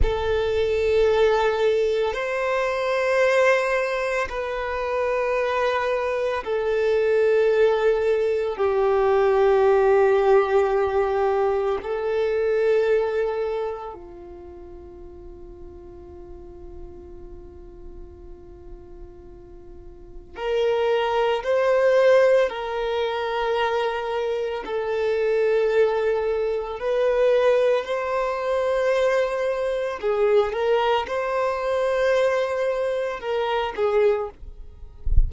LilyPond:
\new Staff \with { instrumentName = "violin" } { \time 4/4 \tempo 4 = 56 a'2 c''2 | b'2 a'2 | g'2. a'4~ | a'4 f'2.~ |
f'2. ais'4 | c''4 ais'2 a'4~ | a'4 b'4 c''2 | gis'8 ais'8 c''2 ais'8 gis'8 | }